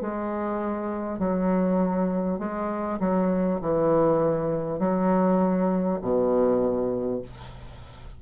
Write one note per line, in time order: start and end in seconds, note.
0.00 1.18 G#3
1.18 2.38 F#3
2.38 2.98 G#3
2.99 3.59 F#3
3.61 4.79 E3
4.79 5.99 F#3
6.01 7.21 B2